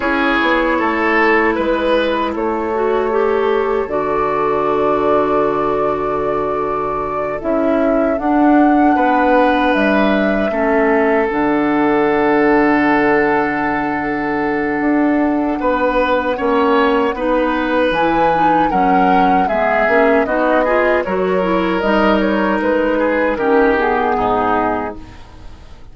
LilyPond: <<
  \new Staff \with { instrumentName = "flute" } { \time 4/4 \tempo 4 = 77 cis''2 b'4 cis''4~ | cis''4 d''2.~ | d''4. e''4 fis''4.~ | fis''8 e''2 fis''4.~ |
fis''1~ | fis''2. gis''4 | fis''4 e''4 dis''4 cis''4 | dis''8 cis''8 b'4 ais'8 gis'4. | }
  \new Staff \with { instrumentName = "oboe" } { \time 4/4 gis'4 a'4 b'4 a'4~ | a'1~ | a'2.~ a'8 b'8~ | b'4. a'2~ a'8~ |
a'1 | b'4 cis''4 b'2 | ais'4 gis'4 fis'8 gis'8 ais'4~ | ais'4. gis'8 g'4 dis'4 | }
  \new Staff \with { instrumentName = "clarinet" } { \time 4/4 e'2.~ e'8 fis'8 | g'4 fis'2.~ | fis'4. e'4 d'4.~ | d'4. cis'4 d'4.~ |
d'1~ | d'4 cis'4 dis'4 e'8 dis'8 | cis'4 b8 cis'8 dis'8 f'8 fis'8 e'8 | dis'2 cis'8 b4. | }
  \new Staff \with { instrumentName = "bassoon" } { \time 4/4 cis'8 b8 a4 gis4 a4~ | a4 d2.~ | d4. cis'4 d'4 b8~ | b8 g4 a4 d4.~ |
d2. d'4 | b4 ais4 b4 e4 | fis4 gis8 ais8 b4 fis4 | g4 gis4 dis4 gis,4 | }
>>